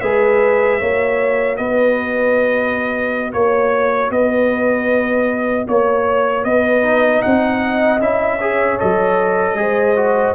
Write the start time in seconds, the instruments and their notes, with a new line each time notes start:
0.00 tuba G#3, trombone G#4, horn B4, trumpet E5
0.79 tuba A#3, trombone F#4, horn C#5
1.57 tuba B3, horn B4, trumpet D#5
3.33 tuba A#3, trumpet C#5, horn C#5
4.10 tuba B3, horn B4, trumpet D#5
5.67 tuba A#3, horn C#5, trumpet C#5
6.44 tuba B3, horn B4, trumpet D#5
6.82 trombone D#4
7.22 tuba C4, horn D#5, trumpet F#5
8.00 tuba C#4, trombone E4, trumpet E5
8.38 trombone G#4, horn C#5
8.79 tuba F#3, trombone A4, trumpet D#5
9.53 tuba G#3, trombone G#4
9.60 horn C5
9.96 trombone F#4